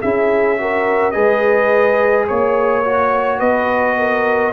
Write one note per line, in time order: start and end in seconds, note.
0.00 1.16 C#4
0.00 0.57 E4
0.00 0.58 G#4
0.00 1.11 E5
0.57 1.13 F#4
0.57 1.14 A#4
1.11 2.29 G#3
1.11 2.83 G#4
1.11 2.27 B4
1.11 2.24 D#5
2.28 3.40 A#3
2.28 3.39 C#5
2.84 4.53 F#4
3.39 4.53 B3
3.39 3.96 B4
3.39 4.53 D#5
3.98 4.53 A#4